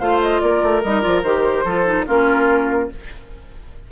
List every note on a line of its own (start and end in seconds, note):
0.00 0.42 A3
0.00 0.83 F4
0.00 0.41 C5
0.00 0.21 F5
0.22 0.41 D#5
0.41 0.63 A#3
0.41 1.65 A#4
0.41 0.82 D5
0.63 0.84 A3
0.84 1.05 G3
0.84 1.01 D#4
0.84 1.01 D#5
1.01 1.24 F3
1.01 1.22 F4
1.01 1.22 D5
1.24 1.65 D#3
1.24 1.67 G4
1.24 2.06 C5
1.65 2.06 F3
1.65 1.86 F4
1.65 2.06 A4
1.86 2.06 D#4
2.07 2.92 A#3
2.07 2.90 C#4
2.07 2.90 F4
2.07 2.90 A#4